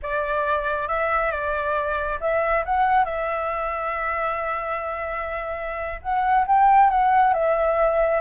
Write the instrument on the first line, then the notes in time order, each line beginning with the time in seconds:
flute
0.02 D5
0.88 E5
1.31 D5
2.20 E5
2.65 F#5
3.05 E5
6.01 F#5
6.47 G5
6.90 F#5
7.33 E5